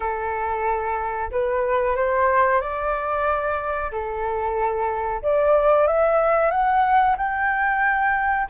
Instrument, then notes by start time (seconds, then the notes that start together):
flute
0.00 A4
1.31 B4
1.96 C5
2.60 D5
3.91 A4
5.22 D5
5.87 E5
6.50 F#5
7.17 G5